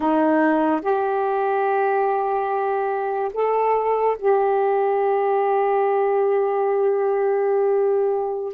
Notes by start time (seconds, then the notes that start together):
0.00 D#4
0.81 G4
3.33 A4
4.18 G4